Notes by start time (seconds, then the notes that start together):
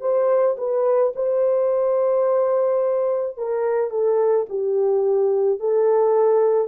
0.00 C5
0.57 B4
1.15 C5
3.37 A#4
3.90 A4
4.49 G4
5.59 A4